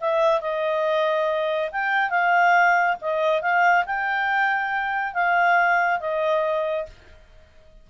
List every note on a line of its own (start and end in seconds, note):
0.00 0.41 E5
0.41 1.70 D#5
1.71 2.10 G5
2.10 2.96 F5
3.01 3.42 D#5
3.42 3.85 F5
3.86 5.14 G5
5.14 6.00 F5
6.00 6.86 D#5